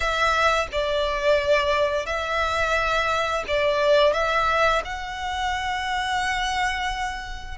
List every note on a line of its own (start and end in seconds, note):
0.00 0.67 E5
0.72 2.05 D5
2.05 3.43 E5
3.47 4.13 D5
4.13 4.82 E5
4.84 7.58 F#5